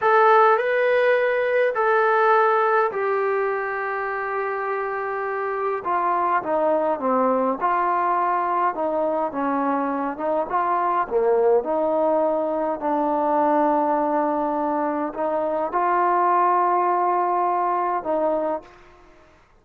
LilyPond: \new Staff \with { instrumentName = "trombone" } { \time 4/4 \tempo 4 = 103 a'4 b'2 a'4~ | a'4 g'2.~ | g'2 f'4 dis'4 | c'4 f'2 dis'4 |
cis'4. dis'8 f'4 ais4 | dis'2 d'2~ | d'2 dis'4 f'4~ | f'2. dis'4 | }